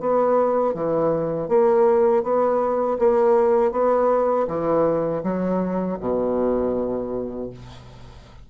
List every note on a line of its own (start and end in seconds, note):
0.00 0.74 B3
0.74 1.49 E3
1.49 2.23 A#3
2.23 2.98 B3
2.99 3.72 A#3
3.72 4.47 B3
4.48 5.23 E3
5.23 5.98 F#3
6.00 7.50 B2